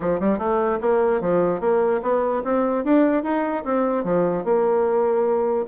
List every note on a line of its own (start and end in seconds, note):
0.00 0.20 F3
0.20 0.38 G3
0.38 0.78 A3
0.81 1.20 A#3
1.20 1.60 F3
1.60 2.00 A#3
2.02 2.42 B3
2.44 2.84 C4
2.84 3.23 D4
3.23 3.64 D#4
3.64 4.04 C4
4.04 4.44 F3
4.44 5.66 A#3